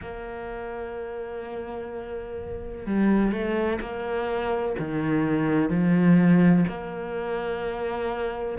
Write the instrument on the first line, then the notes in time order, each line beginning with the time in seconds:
cello
0.01 A#3
2.86 G3
3.32 A3
3.81 A#3
4.79 D#3
5.69 F3
6.68 A#3